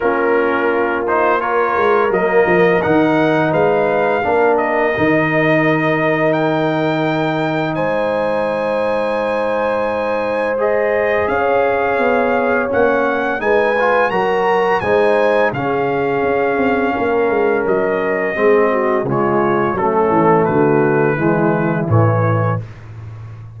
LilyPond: <<
  \new Staff \with { instrumentName = "trumpet" } { \time 4/4 \tempo 4 = 85 ais'4. c''8 cis''4 dis''4 | fis''4 f''4. dis''4.~ | dis''4 g''2 gis''4~ | gis''2. dis''4 |
f''2 fis''4 gis''4 | ais''4 gis''4 f''2~ | f''4 dis''2 cis''4 | a'4 b'2 cis''4 | }
  \new Staff \with { instrumentName = "horn" } { \time 4/4 f'2 ais'2~ | ais'4 b'4 ais'2~ | ais'2. c''4~ | c''1 |
cis''2. b'4 | ais'4 c''4 gis'2 | ais'2 gis'8 fis'8 f'4 | cis'4 fis'4 e'2 | }
  \new Staff \with { instrumentName = "trombone" } { \time 4/4 cis'4. dis'8 f'4 ais4 | dis'2 d'4 dis'4~ | dis'1~ | dis'2. gis'4~ |
gis'2 cis'4 dis'8 f'8 | fis'4 dis'4 cis'2~ | cis'2 c'4 gis4 | a2 gis4 e4 | }
  \new Staff \with { instrumentName = "tuba" } { \time 4/4 ais2~ ais8 gis8 fis8 f8 | dis4 gis4 ais4 dis4~ | dis2. gis4~ | gis1 |
cis'4 b4 ais4 gis4 | fis4 gis4 cis4 cis'8 c'8 | ais8 gis8 fis4 gis4 cis4 | fis8 e8 d4 e4 a,4 | }
>>